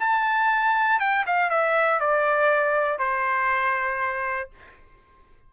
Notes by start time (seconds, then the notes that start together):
0.00 A5
1.00 G5
1.27 F5
1.50 E5
2.00 D5
2.99 C5